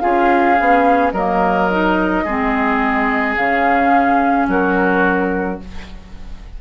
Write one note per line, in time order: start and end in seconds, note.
0.00 0.60 C#4
0.00 0.56 F4
0.00 1.13 G#4
0.00 1.11 F5
0.57 1.13 B3
0.57 1.13 C#4
1.12 2.24 F#3
1.12 1.71 A#3
1.12 2.24 A#4
1.12 3.34 D#5
1.71 2.26 D#4
2.24 3.36 G#3
2.24 3.37 C4
2.24 4.47 G#4
3.37 4.47 C#3
3.37 5.59 C#4
3.37 4.48 F5
4.47 5.59 F#3
4.47 5.61 F#4
4.47 5.60 A#4